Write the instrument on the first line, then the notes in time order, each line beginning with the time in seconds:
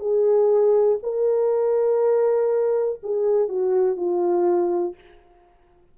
horn
0.00 G#4
1.03 A#4
3.03 G#4
3.49 F#4
3.97 F4